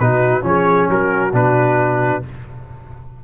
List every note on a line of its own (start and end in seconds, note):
0.00 0.44 B2
0.00 0.42 D#4
0.00 0.45 F#4
0.00 0.45 B4
0.42 0.88 F3
0.42 1.31 C#4
0.42 0.91 G#4
0.42 0.91 C#5
0.89 1.33 F#3
0.89 2.24 F#4
0.89 1.35 A#4
1.33 2.22 B2
1.33 2.23 D4
1.33 2.25 B4